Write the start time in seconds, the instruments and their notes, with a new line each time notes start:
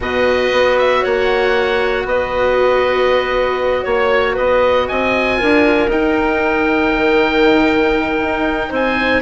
0.00 bassoon B2, cello F#4, clarinet B4, oboe D#5
0.52 bassoon B3
0.78 oboe E5
1.01 bassoon A#3, clarinet C#5, oboe F#5
2.05 bassoon B3, clarinet B4, oboe D#5
3.83 bassoon A#3, clarinet C#5, oboe C#5
4.34 bassoon B3, clarinet B4, oboe D#5
4.87 bassoon C4, clarinet D#5, oboe G#5
5.36 bassoon D4, cello F4, clarinet A#4
5.87 bassoon D#4, cello D#4, oboe G5
6.95 bassoon D#3
8.20 bassoon D#4
8.69 bassoon C4, clarinet C5, oboe G#5